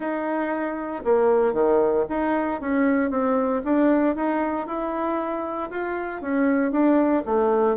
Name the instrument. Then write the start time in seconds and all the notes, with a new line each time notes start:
bassoon
0.00 D#4
1.04 A#3
1.53 D#3
2.09 D#4
2.60 C#4
3.10 C4
3.64 D4
4.15 D#4
4.66 E4
5.70 F4
6.21 C#4
6.71 D4
7.25 A3